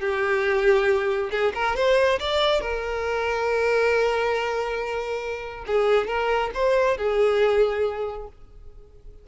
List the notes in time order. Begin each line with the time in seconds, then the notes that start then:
0.00 G4
1.31 G#4
1.55 A#4
1.76 C5
2.20 D5
2.61 A#4
5.67 G#4
6.08 A#4
6.55 C5
6.98 G#4